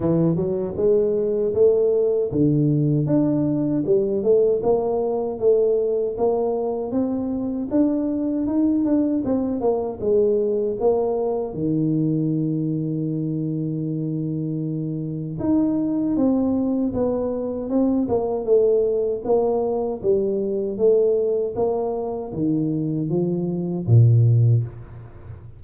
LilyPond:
\new Staff \with { instrumentName = "tuba" } { \time 4/4 \tempo 4 = 78 e8 fis8 gis4 a4 d4 | d'4 g8 a8 ais4 a4 | ais4 c'4 d'4 dis'8 d'8 | c'8 ais8 gis4 ais4 dis4~ |
dis1 | dis'4 c'4 b4 c'8 ais8 | a4 ais4 g4 a4 | ais4 dis4 f4 ais,4 | }